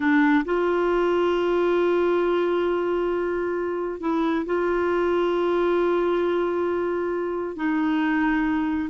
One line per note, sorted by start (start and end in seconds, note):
0.00 0.44 D4
0.44 4.00 F4
4.00 4.45 E4
4.45 7.56 F4
7.56 8.89 D#4